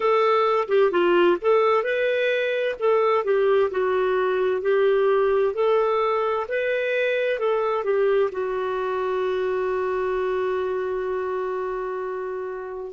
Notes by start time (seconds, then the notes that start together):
0.00 A4
0.68 G4
0.91 F4
1.41 A4
1.83 B4
2.79 A4
3.24 G4
3.70 F#4
4.62 G4
5.54 A4
6.48 B4
7.38 A4
7.83 G4
8.31 F#4